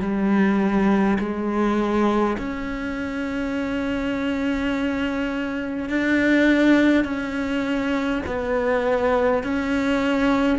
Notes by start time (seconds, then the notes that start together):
0.00 G3
1.19 G#3
2.37 C#4
5.89 D4
7.04 C#4
8.26 B3
9.43 C#4